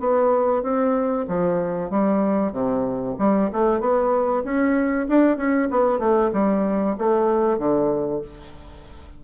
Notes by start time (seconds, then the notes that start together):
0.00 B3
0.63 C4
1.28 F3
1.91 G3
2.53 C3
3.19 G3
3.53 A3
3.81 B3
4.44 C#4
5.09 D4
5.37 C#4
5.71 B3
5.99 A3
6.33 G3
6.98 A3
7.58 D3